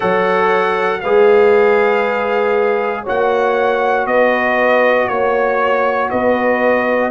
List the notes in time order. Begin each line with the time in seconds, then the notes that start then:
0.00 F#3 A4 C#5 F#5
1.00 G#3 G#4 B4 F5
3.03 A#3 F#4 C#5 F#5
4.06 B3 B4 D#5
5.07 A#3 C#5
6.10 B3 B4 D#5